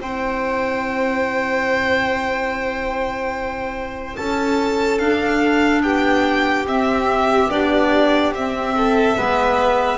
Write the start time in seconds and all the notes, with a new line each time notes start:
0.00 C4 E4 C5 G5
4.16 C#4 A4 A5
4.99 D4 F5
5.83 B3 G4 G5
6.66 C4 E5
7.50 B3 D4 D5
8.34 C4 E5
8.77 A4
9.17 G#3 B3 B4